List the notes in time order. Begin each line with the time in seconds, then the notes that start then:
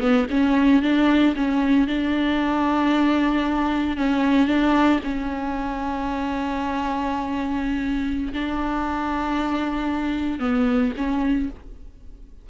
0.00 B3
0.30 C#4
0.82 D4
1.36 C#4
1.87 D4
3.97 C#4
4.47 D4
5.04 C#4
8.33 D4
10.39 B3
10.97 C#4